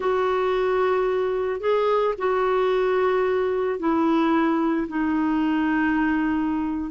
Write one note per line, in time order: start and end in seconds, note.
0.00 1.60 F#4
1.60 2.14 G#4
2.18 3.79 F#4
3.79 4.87 E4
4.88 6.90 D#4